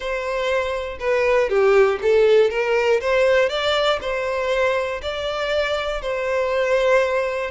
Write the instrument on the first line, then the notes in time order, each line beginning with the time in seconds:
violin
0.00 C5
0.99 B4
1.49 G4
2.02 A4
2.50 A#4
3.00 C5
3.49 D5
4.01 C5
5.02 D5
6.01 C5